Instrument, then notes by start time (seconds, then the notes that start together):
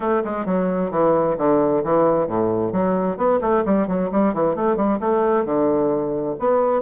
bassoon
0.00 A3
0.24 G#3
0.45 F#3
0.90 E3
1.37 D3
1.84 E3
2.27 A2
2.72 F#3
3.17 B3
3.41 A3
3.65 G3
3.87 F#3
4.11 G3
4.33 E3
4.55 A3
4.76 G3
5.00 A3
5.45 D3
6.39 B3